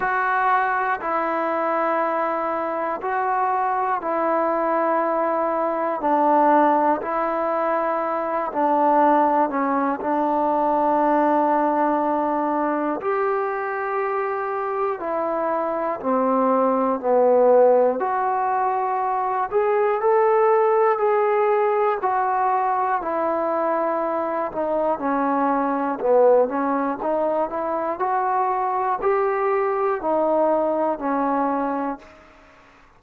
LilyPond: \new Staff \with { instrumentName = "trombone" } { \time 4/4 \tempo 4 = 60 fis'4 e'2 fis'4 | e'2 d'4 e'4~ | e'8 d'4 cis'8 d'2~ | d'4 g'2 e'4 |
c'4 b4 fis'4. gis'8 | a'4 gis'4 fis'4 e'4~ | e'8 dis'8 cis'4 b8 cis'8 dis'8 e'8 | fis'4 g'4 dis'4 cis'4 | }